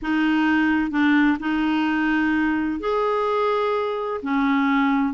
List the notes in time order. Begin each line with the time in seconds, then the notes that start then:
0.02 D#4
0.90 D4
1.39 D#4
2.80 G#4
4.22 C#4